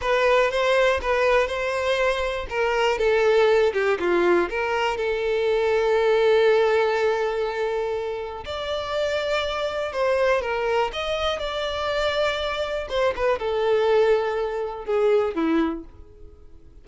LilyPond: \new Staff \with { instrumentName = "violin" } { \time 4/4 \tempo 4 = 121 b'4 c''4 b'4 c''4~ | c''4 ais'4 a'4. g'8 | f'4 ais'4 a'2~ | a'1~ |
a'4 d''2. | c''4 ais'4 dis''4 d''4~ | d''2 c''8 b'8 a'4~ | a'2 gis'4 e'4 | }